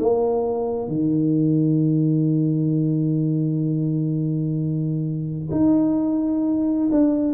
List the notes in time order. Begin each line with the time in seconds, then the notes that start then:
0.00 A#3
0.88 D#3
5.51 D#4
6.92 D4